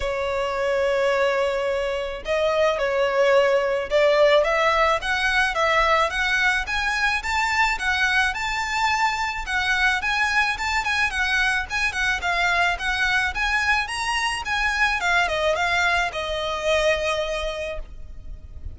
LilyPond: \new Staff \with { instrumentName = "violin" } { \time 4/4 \tempo 4 = 108 cis''1 | dis''4 cis''2 d''4 | e''4 fis''4 e''4 fis''4 | gis''4 a''4 fis''4 a''4~ |
a''4 fis''4 gis''4 a''8 gis''8 | fis''4 gis''8 fis''8 f''4 fis''4 | gis''4 ais''4 gis''4 f''8 dis''8 | f''4 dis''2. | }